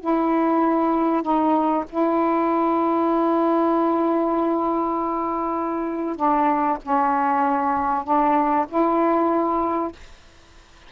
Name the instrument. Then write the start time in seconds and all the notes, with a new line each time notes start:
saxophone
0.00 E4
1.22 D#4
1.89 E4
6.16 D4
6.82 C#4
8.04 D4
8.68 E4